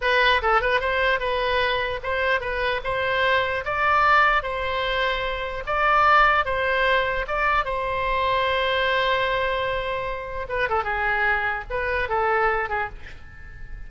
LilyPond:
\new Staff \with { instrumentName = "oboe" } { \time 4/4 \tempo 4 = 149 b'4 a'8 b'8 c''4 b'4~ | b'4 c''4 b'4 c''4~ | c''4 d''2 c''4~ | c''2 d''2 |
c''2 d''4 c''4~ | c''1~ | c''2 b'8 a'8 gis'4~ | gis'4 b'4 a'4. gis'8 | }